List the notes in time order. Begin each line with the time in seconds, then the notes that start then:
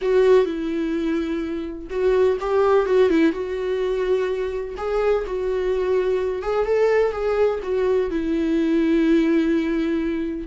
0.01 F#4
0.45 E4
1.90 F#4
2.40 G4
2.85 F#4
3.09 E4
3.32 F#4
4.77 G#4
5.26 F#4
6.42 G#4
6.65 A4
7.12 G#4
7.62 F#4
8.10 E4